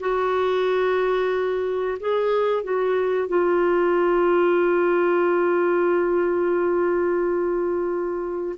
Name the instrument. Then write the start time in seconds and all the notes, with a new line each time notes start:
clarinet
0.00 F#4
2.00 G#4
2.63 F#4
3.28 F4